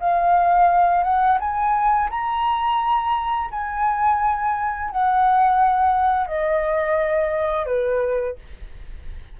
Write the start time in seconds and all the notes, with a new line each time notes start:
0.00 F5
1.04 F#5
1.40 G#5
2.10 A#5
3.51 G#5
4.91 F#5
6.27 D#5
7.66 B4